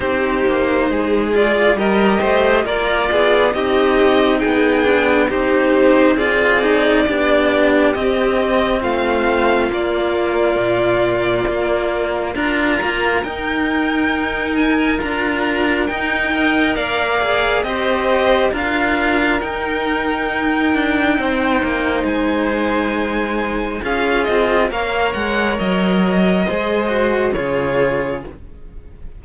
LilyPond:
<<
  \new Staff \with { instrumentName = "violin" } { \time 4/4 \tempo 4 = 68 c''4. d''8 dis''4 d''4 | dis''4 g''4 c''4 d''4~ | d''4 dis''4 f''4 d''4~ | d''2 ais''4 g''4~ |
g''8 gis''8 ais''4 g''4 f''4 | dis''4 f''4 g''2~ | g''4 gis''2 f''8 dis''8 | f''8 fis''8 dis''2 cis''4 | }
  \new Staff \with { instrumentName = "violin" } { \time 4/4 g'4 gis'4 ais'8 c''8 ais'8 gis'8 | g'4 gis'4 g'4 gis'4 | g'2 f'2~ | f'2 ais'2~ |
ais'2~ ais'8 dis''8 d''4 | c''4 ais'2. | c''2. gis'4 | cis''2 c''4 gis'4 | }
  \new Staff \with { instrumentName = "cello" } { \time 4/4 dis'4. f'8 g'4 f'4 | dis'4. d'8 dis'4 f'8 dis'8 | d'4 c'2 ais4~ | ais2 f'4 dis'4~ |
dis'4 f'4 dis'8 ais'4 gis'8 | g'4 f'4 dis'2~ | dis'2. f'4 | ais'2 gis'8 fis'8 f'4 | }
  \new Staff \with { instrumentName = "cello" } { \time 4/4 c'8 ais8 gis4 g8 a8 ais8 b8 | c'4 b4 c'2 | b4 c'4 a4 ais4 | ais,4 ais4 d'8 ais8 dis'4~ |
dis'4 d'4 dis'4 ais4 | c'4 d'4 dis'4. d'8 | c'8 ais8 gis2 cis'8 c'8 | ais8 gis8 fis4 gis4 cis4 | }
>>